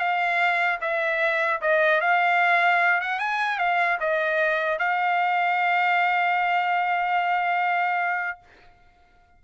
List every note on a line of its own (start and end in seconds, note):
0.00 0.80 F5
0.81 1.61 E5
1.62 2.01 D#5
2.01 3.01 F5
3.01 3.20 F#5
3.20 3.59 G#5
3.59 3.99 F5
4.01 4.79 D#5
4.79 8.39 F5